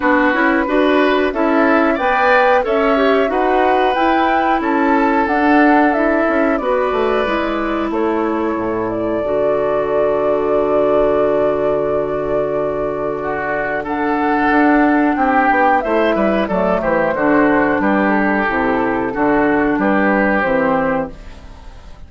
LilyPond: <<
  \new Staff \with { instrumentName = "flute" } { \time 4/4 \tempo 4 = 91 b'2 e''4 g''4 | e''4 fis''4 g''4 a''4 | fis''4 e''4 d''2 | cis''4. d''2~ d''8~ |
d''1~ | d''4 fis''2 g''4 | e''4 d''8 c''4. b'8 a'8~ | a'2 b'4 c''4 | }
  \new Staff \with { instrumentName = "oboe" } { \time 4/4 fis'4 b'4 a'4 d''4 | cis''4 b'2 a'4~ | a'2 b'2 | a'1~ |
a'1 | fis'4 a'2 g'4 | c''8 b'8 a'8 g'8 fis'4 g'4~ | g'4 fis'4 g'2 | }
  \new Staff \with { instrumentName = "clarinet" } { \time 4/4 d'8 e'8 fis'4 e'4 b'4 | a'8 g'8 fis'4 e'2 | d'4 e'4 fis'4 e'4~ | e'2 fis'2~ |
fis'1~ | fis'4 d'2. | e'4 a4 d'2 | e'4 d'2 c'4 | }
  \new Staff \with { instrumentName = "bassoon" } { \time 4/4 b8 cis'8 d'4 cis'4 b4 | cis'4 dis'4 e'4 cis'4 | d'4. cis'8 b8 a8 gis4 | a4 a,4 d2~ |
d1~ | d2 d'4 c'8 b8 | a8 g8 fis8 e8 d4 g4 | c4 d4 g4 e4 | }
>>